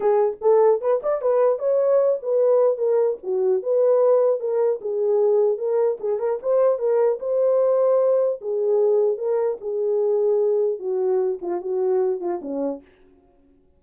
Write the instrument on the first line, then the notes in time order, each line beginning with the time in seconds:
horn
0.00 G#4
0.41 A4
0.81 B4
1.02 D5
1.21 B4
1.59 C#5
2.22 B4
2.77 A#4
3.23 F#4
3.62 B4
4.40 A#4
4.81 G#4
5.57 A#4
5.99 G#4
6.19 A#4
6.42 C5
6.79 A#4
7.19 C5
8.41 G#4
9.17 A#4
9.60 G#4
10.79 F#4
11.41 F4
11.61 F#4
12.20 F4
12.41 C#4